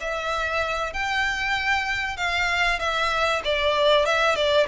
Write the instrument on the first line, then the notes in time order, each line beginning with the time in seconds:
violin
0.00 E5
0.93 G5
2.17 F5
2.79 E5
3.44 D5
4.05 E5
4.35 D5